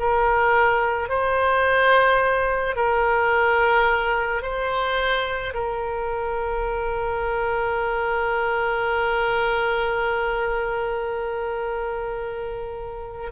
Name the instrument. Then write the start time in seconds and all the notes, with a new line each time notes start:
oboe
0.00 A#4
1.10 C5
2.76 A#4
4.43 C5
5.54 A#4